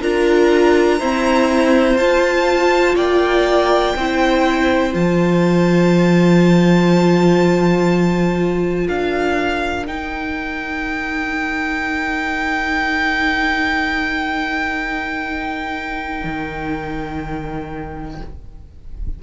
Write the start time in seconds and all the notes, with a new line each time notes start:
0.00 D4 F4 A#4 A#5
0.99 C4 E4 C5
1.94 F4 A5
2.95 A#3 D5 G5
3.95 C4 E4 C5
4.92 F3 F4 A5
8.85 D4 A#4 F5
9.86 D#4 G5
16.24 D#3